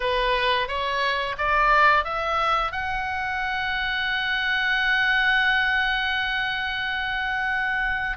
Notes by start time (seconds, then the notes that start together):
0.00 B4
0.68 C#5
1.38 D5
2.04 E5
2.71 F#5